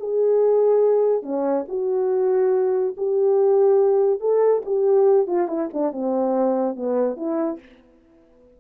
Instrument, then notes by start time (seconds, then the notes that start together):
horn
0.00 G#4
1.23 C#4
1.69 F#4
2.98 G4
4.20 A4
4.66 G4
5.27 F4
5.48 E4
5.74 D4
5.92 C4
6.76 B3
7.17 E4